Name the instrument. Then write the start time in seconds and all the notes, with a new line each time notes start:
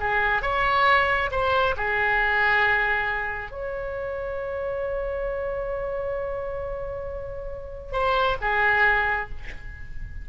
oboe
0.00 G#4
0.42 C#5
1.32 C5
1.77 G#4
3.51 C#5
7.93 C5
8.41 G#4